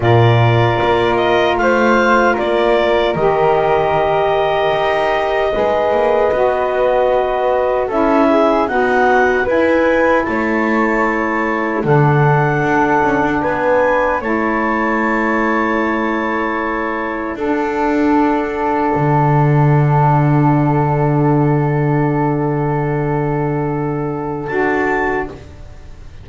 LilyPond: <<
  \new Staff \with { instrumentName = "clarinet" } { \time 4/4 \tempo 4 = 76 d''4. dis''8 f''4 d''4 | dis''1~ | dis''2 e''4 fis''4 | gis''4 a''2 fis''4~ |
fis''4 gis''4 a''2~ | a''2 fis''2~ | fis''1~ | fis''2. a''4 | }
  \new Staff \with { instrumentName = "flute" } { \time 4/4 ais'2 c''4 ais'4~ | ais'2. b'4~ | b'2 a'8 gis'8 fis'4 | b'4 cis''2 a'4~ |
a'4 b'4 cis''2~ | cis''2 a'2~ | a'1~ | a'1 | }
  \new Staff \with { instrumentName = "saxophone" } { \time 4/4 f'1 | g'2. gis'4 | fis'2 e'4 b4 | e'2. d'4~ |
d'2 e'2~ | e'2 d'2~ | d'1~ | d'2. fis'4 | }
  \new Staff \with { instrumentName = "double bass" } { \time 4/4 ais,4 ais4 a4 ais4 | dis2 dis'4 gis8 ais8 | b2 cis'4 dis'4 | e'4 a2 d4 |
d'8 cis'16 d'16 b4 a2~ | a2 d'2 | d1~ | d2. d'4 | }
>>